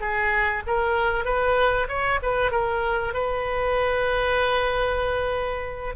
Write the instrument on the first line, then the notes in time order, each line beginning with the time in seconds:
oboe
0.00 G#4
0.66 A#4
1.24 B4
1.88 C#5
2.22 B4
2.51 A#4
3.13 B4